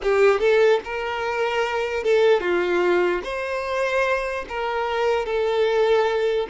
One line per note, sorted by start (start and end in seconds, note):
0.02 0.39 G4
0.39 0.80 A4
0.84 2.03 A#4
2.03 2.40 A4
2.40 3.21 F4
3.23 4.45 C5
4.49 5.25 A#4
5.25 6.47 A4